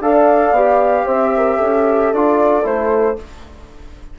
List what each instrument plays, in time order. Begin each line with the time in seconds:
0.00 bassoon D4, trombone A4, horn D5, flute F5
0.51 bassoon B3, trombone G4
1.04 bassoon C4, horn C5, flute E5
1.37 horn A#4
1.56 bassoon C#4, horn A4
2.13 bassoon D4, trombone F4, flute D5
2.62 bassoon A3, trombone E4, flute C5